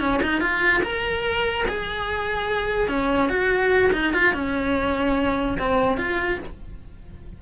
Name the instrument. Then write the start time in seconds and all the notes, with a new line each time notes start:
cello
0.00 C#4
0.23 D#4
0.41 F4
0.83 A#4
1.68 G#4
2.89 C#4
3.29 F#4
3.93 D#4
4.13 F4
4.34 C#4
5.59 C4
5.98 F4